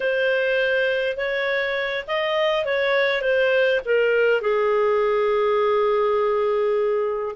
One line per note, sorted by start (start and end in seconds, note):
0.00 1.17 C5
1.17 2.05 C#5
2.07 2.65 D#5
2.65 3.21 C#5
3.21 3.80 C5
3.85 4.41 A#4
4.41 7.35 G#4